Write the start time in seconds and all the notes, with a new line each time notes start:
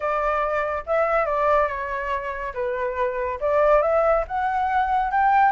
0.00 D5
0.86 E5
1.25 D5
1.68 C#5
2.54 B4
3.40 D5
3.82 E5
4.27 F#5
5.11 G5